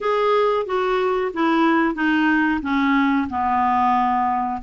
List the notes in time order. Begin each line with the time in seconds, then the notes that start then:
0.00 G#4
0.66 F#4
1.33 E4
1.94 D#4
2.62 C#4
3.29 B3